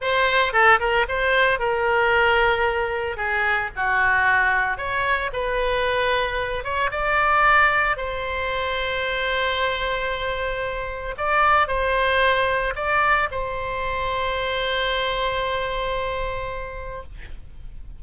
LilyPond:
\new Staff \with { instrumentName = "oboe" } { \time 4/4 \tempo 4 = 113 c''4 a'8 ais'8 c''4 ais'4~ | ais'2 gis'4 fis'4~ | fis'4 cis''4 b'2~ | b'8 cis''8 d''2 c''4~ |
c''1~ | c''4 d''4 c''2 | d''4 c''2.~ | c''1 | }